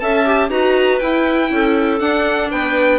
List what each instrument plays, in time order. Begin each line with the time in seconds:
0.00 bassoon C#4, viola A4, clarinet E5, violin A5
0.26 viola G4
0.50 bassoon D#4, viola F#4, clarinet B4, violin A#5
0.99 viola E4, bassoon E4, violin G5
1.51 bassoon C#4, clarinet A4
2.00 bassoon D4, viola D4, violin F#5
2.51 bassoon B3, clarinet B4, violin G5